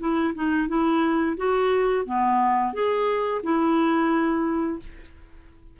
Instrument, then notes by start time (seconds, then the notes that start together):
clarinet
0.00 E4
0.35 D#4
0.68 E4
1.38 F#4
2.05 B3
2.74 G#4
3.43 E4